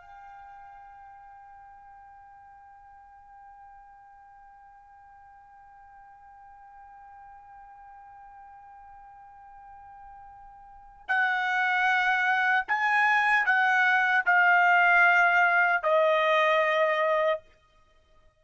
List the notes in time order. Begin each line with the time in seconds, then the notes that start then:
0.00 G5
11.08 F#5
12.67 G#5
13.45 F#5
14.25 F5
15.83 D#5